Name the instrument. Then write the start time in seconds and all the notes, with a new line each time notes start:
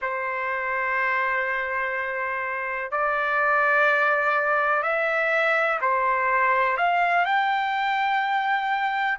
trumpet
0.01 C5
2.91 D5
4.82 E5
5.81 C5
6.77 F5
7.25 G5